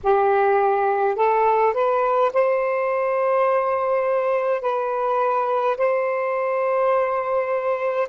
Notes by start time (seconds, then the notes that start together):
0.03 G4
1.15 A4
1.73 B4
2.33 C5
4.61 B4
5.77 C5